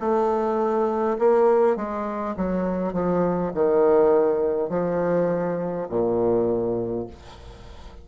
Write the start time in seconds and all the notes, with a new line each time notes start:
0.00 A3
1.19 A#3
1.76 G#3
2.37 F#3
2.93 F3
3.55 D#3
4.70 F3
5.89 A#2